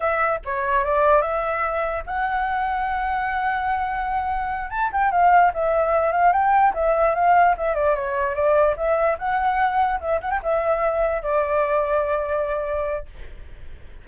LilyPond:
\new Staff \with { instrumentName = "flute" } { \time 4/4 \tempo 4 = 147 e''4 cis''4 d''4 e''4~ | e''4 fis''2.~ | fis''2.~ fis''8 a''8 | g''8 f''4 e''4. f''8 g''8~ |
g''8 e''4 f''4 e''8 d''8 cis''8~ | cis''8 d''4 e''4 fis''4.~ | fis''8 e''8 fis''16 g''16 e''2 d''8~ | d''1 | }